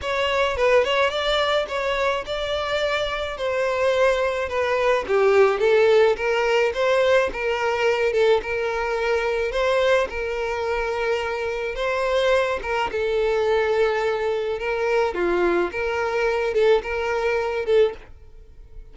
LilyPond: \new Staff \with { instrumentName = "violin" } { \time 4/4 \tempo 4 = 107 cis''4 b'8 cis''8 d''4 cis''4 | d''2 c''2 | b'4 g'4 a'4 ais'4 | c''4 ais'4. a'8 ais'4~ |
ais'4 c''4 ais'2~ | ais'4 c''4. ais'8 a'4~ | a'2 ais'4 f'4 | ais'4. a'8 ais'4. a'8 | }